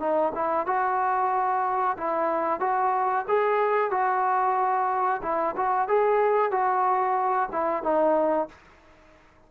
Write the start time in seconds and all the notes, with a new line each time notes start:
0.00 D#4
0.35 E4
0.66 F#4
1.98 E4
2.60 F#4
3.28 G#4
3.91 F#4
5.23 E4
5.56 F#4
5.88 G#4
6.52 F#4
7.52 E4
7.83 D#4